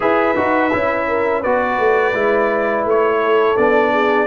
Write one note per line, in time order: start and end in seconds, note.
0.00 0.37 E4
0.00 0.35 G#4
0.00 1.07 B4
0.00 1.43 E5
0.35 0.73 D#4
0.35 0.71 F#4
0.72 1.45 C#4
0.72 1.44 E4
1.07 1.40 A#4
1.40 1.78 B3
1.40 2.14 F#4
1.40 3.18 B4
1.40 2.85 D5
1.78 2.13 A3
2.13 2.85 G#3
2.13 3.56 E4
2.85 3.56 A3
2.85 3.56 C#5
3.21 3.92 A4
3.56 4.26 B3
3.56 4.26 D4
3.56 4.26 D5
3.92 4.26 G#4